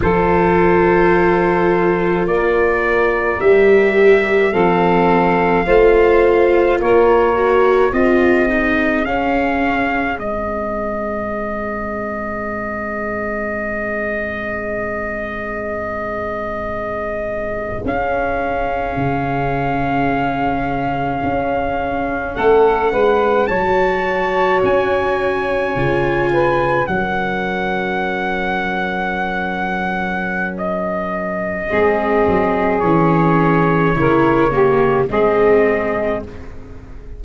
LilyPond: <<
  \new Staff \with { instrumentName = "trumpet" } { \time 4/4 \tempo 4 = 53 c''2 d''4 e''4 | f''2 cis''4 dis''4 | f''4 dis''2.~ | dis''2.~ dis''8. f''16~ |
f''2.~ f''8. fis''16~ | fis''8. a''4 gis''2 fis''16~ | fis''2. dis''4~ | dis''4 cis''2 dis''4 | }
  \new Staff \with { instrumentName = "saxophone" } { \time 4/4 a'2 ais'2 | a'4 c''4 ais'4 gis'4~ | gis'1~ | gis'1~ |
gis'2.~ gis'8. a'16~ | a'16 b'8 cis''2~ cis''8 b'8 ais'16~ | ais'1 | gis'2 ais'8 g'8 gis'4 | }
  \new Staff \with { instrumentName = "viola" } { \time 4/4 f'2. g'4 | c'4 f'4. fis'8 f'8 dis'8 | cis'4 c'2.~ | c'2.~ c'8. cis'16~ |
cis'1~ | cis'8. fis'2 f'4 cis'16~ | cis'1 | c'4 cis'4 e'8 ais8 c'4 | }
  \new Staff \with { instrumentName = "tuba" } { \time 4/4 f2 ais4 g4 | f4 a4 ais4 c'4 | cis'4 gis2.~ | gis2.~ gis8. cis'16~ |
cis'8. cis2 cis'4 a16~ | a16 gis8 fis4 cis'4 cis4 fis16~ | fis1 | gis8 fis8 e4 cis4 gis4 | }
>>